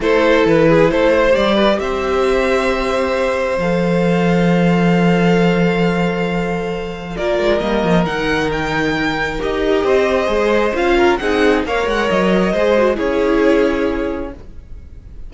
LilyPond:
<<
  \new Staff \with { instrumentName = "violin" } { \time 4/4 \tempo 4 = 134 c''4 b'4 c''4 d''4 | e''1 | f''1~ | f''1 |
d''4 dis''4 fis''4 g''4~ | g''4 dis''2. | f''4 fis''4 f''8 fis''8 dis''4~ | dis''4 cis''2. | }
  \new Staff \with { instrumentName = "violin" } { \time 4/4 a'4. gis'8 a'8 c''4 b'8 | c''1~ | c''1~ | c''1 |
ais'1~ | ais'2 c''2~ | c''8 ais'8 gis'4 cis''2 | c''4 gis'2. | }
  \new Staff \with { instrumentName = "viola" } { \time 4/4 e'2. g'4~ | g'1 | a'1~ | a'1 |
f'4 ais4 dis'2~ | dis'4 g'2 gis'4 | f'4 dis'4 ais'2 | gis'8 fis'8 e'2. | }
  \new Staff \with { instrumentName = "cello" } { \time 4/4 a4 e4 a4 g4 | c'1 | f1~ | f1 |
ais8 gis8 g8 f8 dis2~ | dis4 dis'4 c'4 gis4 | cis'4 c'4 ais8 gis8 fis4 | gis4 cis'2. | }
>>